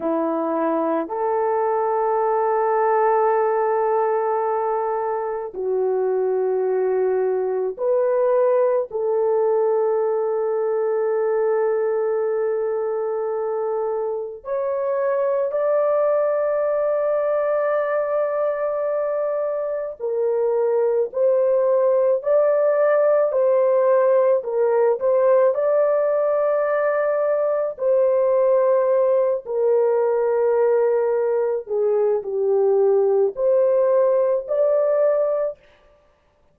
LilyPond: \new Staff \with { instrumentName = "horn" } { \time 4/4 \tempo 4 = 54 e'4 a'2.~ | a'4 fis'2 b'4 | a'1~ | a'4 cis''4 d''2~ |
d''2 ais'4 c''4 | d''4 c''4 ais'8 c''8 d''4~ | d''4 c''4. ais'4.~ | ais'8 gis'8 g'4 c''4 d''4 | }